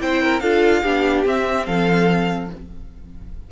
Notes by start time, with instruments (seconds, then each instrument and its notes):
0.00 cello C4, viola E4, violin C5 G5
0.23 violin A#4
0.40 cello D4, viola F4, violin A4 F5
0.83 cello B3, viola D4, violin G4
1.26 cello C4, viola C4, violin E5
1.66 cello F3, violin A4 F5